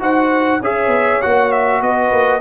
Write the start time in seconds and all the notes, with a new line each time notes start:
0.00 D#4 F#4 C5 F#5
0.61 C#4 G#4 C#5 E5
0.88 B3
1.22 A#3 F#4 F#5
1.52 E5
1.82 B3 B4 D#5
2.12 A#3